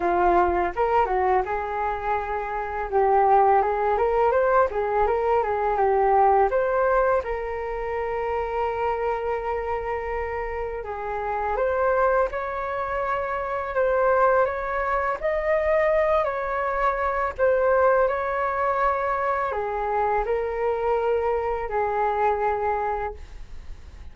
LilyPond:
\new Staff \with { instrumentName = "flute" } { \time 4/4 \tempo 4 = 83 f'4 ais'8 fis'8 gis'2 | g'4 gis'8 ais'8 c''8 gis'8 ais'8 gis'8 | g'4 c''4 ais'2~ | ais'2. gis'4 |
c''4 cis''2 c''4 | cis''4 dis''4. cis''4. | c''4 cis''2 gis'4 | ais'2 gis'2 | }